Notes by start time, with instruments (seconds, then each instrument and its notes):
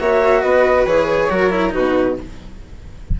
0.00 bassoon A#3, cello F#4, violin C#5, flute E5
0.42 bassoon B3, violin B4, flute D#5
0.86 bassoon E3, cello G#4, flute C#5
1.30 bassoon F#3, cello F#4, violin A#4
1.50 cello E4
1.70 cello D#4, violin F#4, flute B4
1.77 bassoon B2